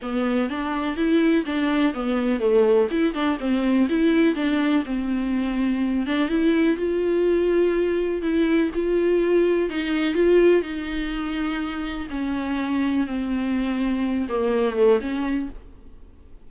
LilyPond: \new Staff \with { instrumentName = "viola" } { \time 4/4 \tempo 4 = 124 b4 d'4 e'4 d'4 | b4 a4 e'8 d'8 c'4 | e'4 d'4 c'2~ | c'8 d'8 e'4 f'2~ |
f'4 e'4 f'2 | dis'4 f'4 dis'2~ | dis'4 cis'2 c'4~ | c'4. ais4 a8 cis'4 | }